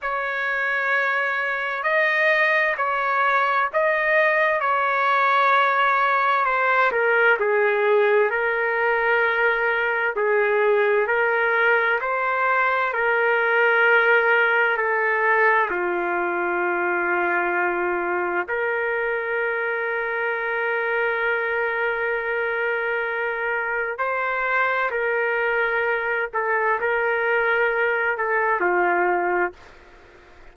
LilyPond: \new Staff \with { instrumentName = "trumpet" } { \time 4/4 \tempo 4 = 65 cis''2 dis''4 cis''4 | dis''4 cis''2 c''8 ais'8 | gis'4 ais'2 gis'4 | ais'4 c''4 ais'2 |
a'4 f'2. | ais'1~ | ais'2 c''4 ais'4~ | ais'8 a'8 ais'4. a'8 f'4 | }